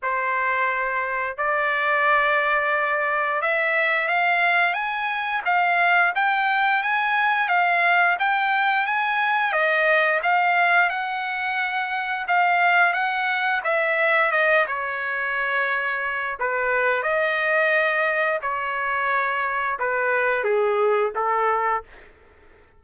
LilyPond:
\new Staff \with { instrumentName = "trumpet" } { \time 4/4 \tempo 4 = 88 c''2 d''2~ | d''4 e''4 f''4 gis''4 | f''4 g''4 gis''4 f''4 | g''4 gis''4 dis''4 f''4 |
fis''2 f''4 fis''4 | e''4 dis''8 cis''2~ cis''8 | b'4 dis''2 cis''4~ | cis''4 b'4 gis'4 a'4 | }